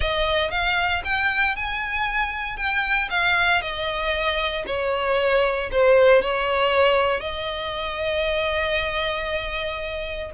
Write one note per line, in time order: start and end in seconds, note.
0.00 0.50 D#5
0.50 1.02 F5
1.04 1.56 G5
1.56 2.57 G#5
2.57 3.08 G5
3.10 3.61 F5
3.61 4.65 D#5
4.66 5.70 C#5
5.71 6.21 C5
6.21 7.20 C#5
7.20 10.30 D#5